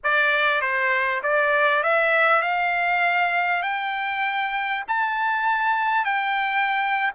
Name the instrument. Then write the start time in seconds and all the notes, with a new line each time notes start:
trumpet
0.03 D5
0.61 C5
1.23 D5
1.83 E5
2.42 F5
3.62 G5
4.88 A5
6.04 G5